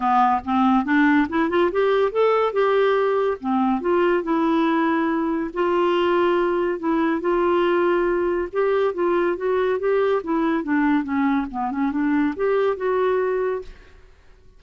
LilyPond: \new Staff \with { instrumentName = "clarinet" } { \time 4/4 \tempo 4 = 141 b4 c'4 d'4 e'8 f'8 | g'4 a'4 g'2 | c'4 f'4 e'2~ | e'4 f'2. |
e'4 f'2. | g'4 f'4 fis'4 g'4 | e'4 d'4 cis'4 b8 cis'8 | d'4 g'4 fis'2 | }